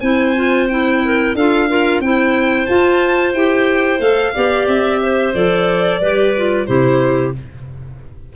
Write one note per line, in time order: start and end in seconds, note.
0.00 1.35 C4
0.00 0.36 E4
0.00 1.02 C5
0.00 0.67 G#5
0.36 0.69 F4
0.69 1.36 E4
0.69 1.35 G5
1.04 1.36 A#4
1.35 2.00 D4
1.35 1.68 F4
1.35 1.69 A4
1.35 2.01 F5
1.68 2.03 F4
1.68 2.02 A#4
2.00 2.67 C4
2.00 2.68 E4
2.00 4.34 C5
2.00 2.66 G5
2.66 3.35 F4
2.66 3.34 F4
2.66 3.33 A5
3.33 4.00 E4
3.33 4.00 G4
3.33 4.00 G5
4.00 4.33 A3
4.00 4.33 A4
4.00 4.67 F5
4.34 4.67 B3
4.34 5.34 G4
4.34 5.00 D5
4.67 5.34 C4
4.67 5.34 E5
5.02 6.00 C5
5.34 6.01 F3
5.34 6.01 A4
5.34 6.66 D5
6.00 6.67 G3
6.00 6.35 G4
6.00 6.67 B4
6.37 6.66 F4
6.66 7.35 C3
6.66 7.33 E4
6.66 7.35 G4
6.66 7.33 C5